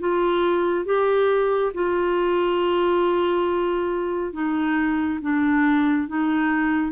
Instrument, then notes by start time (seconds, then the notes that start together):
clarinet
0.00 F4
0.86 G4
1.74 F4
4.33 D#4
5.22 D4
6.08 D#4